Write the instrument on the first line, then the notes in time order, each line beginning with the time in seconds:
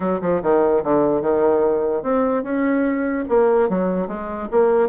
bassoon
0.00 F#3
0.21 F3
0.42 D#3
0.83 D3
1.21 D#3
2.02 C4
2.43 C#4
3.28 A#3
3.69 F#3
4.07 G#3
4.51 A#3